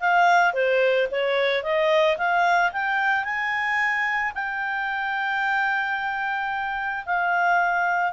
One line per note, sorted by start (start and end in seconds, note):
0.00 0.54 F5
0.54 1.08 C5
1.11 1.63 C#5
1.63 2.17 D#5
2.18 2.72 F5
2.72 3.25 G5
3.25 4.33 G#5
4.35 7.05 G5
7.06 8.13 F5